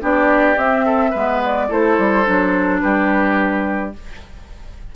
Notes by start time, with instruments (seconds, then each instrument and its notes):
0.00 bassoon B3, clarinet D4, oboe G4, flute D5
0.57 bassoon C4, clarinet C4, flute E5
0.85 oboe A4
1.10 bassoon G#3, clarinet B3, oboe B4
1.45 flute D5
1.69 bassoon A3, clarinet E4, oboe A4, flute C5
1.98 bassoon G3
2.25 bassoon F#3, clarinet D4
2.80 bassoon G3, oboe G4, flute B4